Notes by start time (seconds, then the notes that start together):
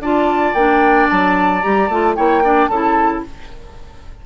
0.00 D4 F4 D5 A5
0.54 A#3 D4 G5
1.09 F#3 A5
1.62 G3 G4 A#5
1.88 A3 F4 A5
2.16 A#3 E4 C#5 G5
2.43 D4 D5
2.68 C#3 E4 A4 A5